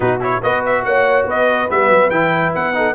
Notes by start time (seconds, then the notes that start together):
0.00 B2 D#4 F#4 B4
0.20 E4 C#5
0.42 B3 F#4 B4 D#5
0.65 E5
0.84 A#3 C#5 F#5
1.25 B3 B4 D#5
1.68 G3 B3 E5
1.89 F#3
2.10 E3 E4 G5
2.54 B3 F#5
2.73 D#4 A4